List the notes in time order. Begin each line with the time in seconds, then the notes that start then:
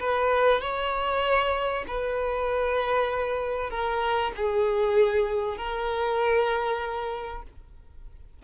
0.00 B4
0.61 C#5
1.88 B4
3.70 A#4
4.36 G#4
5.57 A#4